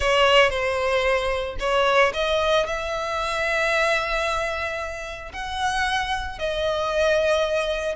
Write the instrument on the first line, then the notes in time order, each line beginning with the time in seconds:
violin
0.00 C#5
0.50 C5
1.59 C#5
2.13 D#5
2.66 E5
5.32 F#5
6.39 D#5